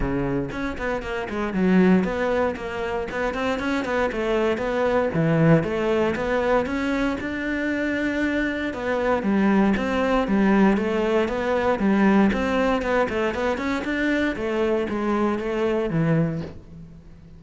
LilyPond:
\new Staff \with { instrumentName = "cello" } { \time 4/4 \tempo 4 = 117 cis4 cis'8 b8 ais8 gis8 fis4 | b4 ais4 b8 c'8 cis'8 b8 | a4 b4 e4 a4 | b4 cis'4 d'2~ |
d'4 b4 g4 c'4 | g4 a4 b4 g4 | c'4 b8 a8 b8 cis'8 d'4 | a4 gis4 a4 e4 | }